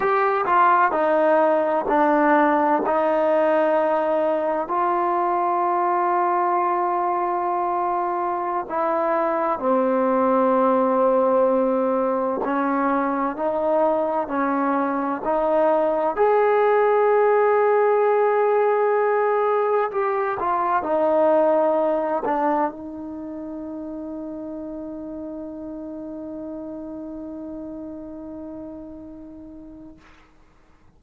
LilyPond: \new Staff \with { instrumentName = "trombone" } { \time 4/4 \tempo 4 = 64 g'8 f'8 dis'4 d'4 dis'4~ | dis'4 f'2.~ | f'4~ f'16 e'4 c'4.~ c'16~ | c'4~ c'16 cis'4 dis'4 cis'8.~ |
cis'16 dis'4 gis'2~ gis'8.~ | gis'4~ gis'16 g'8 f'8 dis'4. d'16~ | d'16 dis'2.~ dis'8.~ | dis'1 | }